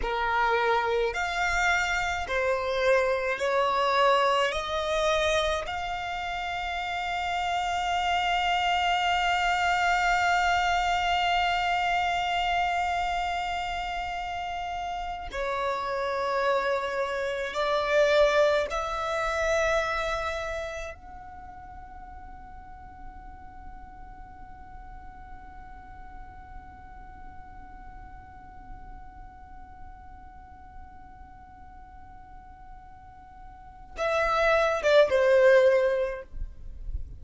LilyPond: \new Staff \with { instrumentName = "violin" } { \time 4/4 \tempo 4 = 53 ais'4 f''4 c''4 cis''4 | dis''4 f''2.~ | f''1~ | f''4. cis''2 d''8~ |
d''8 e''2 fis''4.~ | fis''1~ | fis''1~ | fis''2 e''8. d''16 c''4 | }